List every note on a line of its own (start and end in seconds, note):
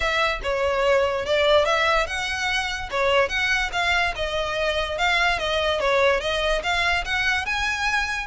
0.00 0.40 E5
0.43 1.25 C#5
1.25 1.65 D5
1.65 2.06 E5
2.06 2.89 F#5
2.90 3.28 C#5
3.28 3.70 F#5
3.72 4.13 F5
4.15 4.97 D#5
4.97 5.38 F5
5.38 5.79 D#5
5.79 6.20 C#5
6.20 6.62 D#5
6.63 7.04 F5
7.05 7.45 F#5
7.45 8.27 G#5